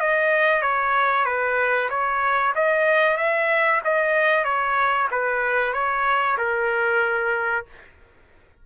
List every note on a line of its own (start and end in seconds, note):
0.00 0.62 D#5
0.62 1.25 C#5
1.25 1.89 B4
1.89 2.53 C#5
2.55 3.17 D#5
3.17 3.81 E5
3.84 4.44 D#5
4.44 5.08 C#5
5.11 5.73 B4
5.73 6.37 C#5
6.37 7.65 A#4